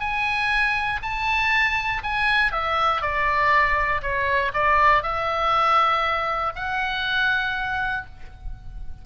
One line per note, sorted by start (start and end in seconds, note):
0.00 1.00 G#5
1.02 2.02 A5
2.03 2.52 G#5
2.52 3.02 E5
3.02 4.02 D5
4.02 4.52 C#5
4.54 5.03 D5
5.03 6.53 E5
6.56 8.06 F#5